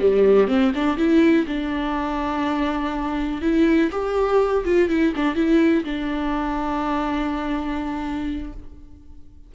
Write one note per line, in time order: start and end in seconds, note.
0.00 0.48 G3
0.48 0.72 C4
0.75 0.97 D4
0.97 1.46 E4
1.47 3.41 D4
3.41 3.90 E4
3.91 4.65 G4
4.65 4.89 F4
4.89 5.14 E4
5.16 5.35 D4
5.35 5.84 E4
5.84 8.53 D4